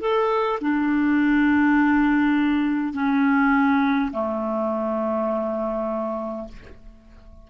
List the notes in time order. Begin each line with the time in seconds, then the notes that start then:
0.00 A4
0.61 D4
2.94 C#4
4.12 A3